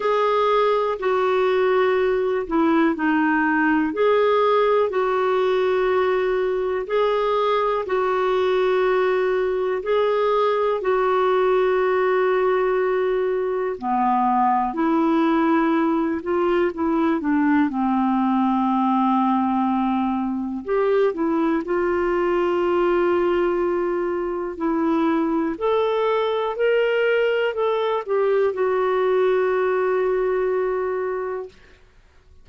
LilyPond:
\new Staff \with { instrumentName = "clarinet" } { \time 4/4 \tempo 4 = 61 gis'4 fis'4. e'8 dis'4 | gis'4 fis'2 gis'4 | fis'2 gis'4 fis'4~ | fis'2 b4 e'4~ |
e'8 f'8 e'8 d'8 c'2~ | c'4 g'8 e'8 f'2~ | f'4 e'4 a'4 ais'4 | a'8 g'8 fis'2. | }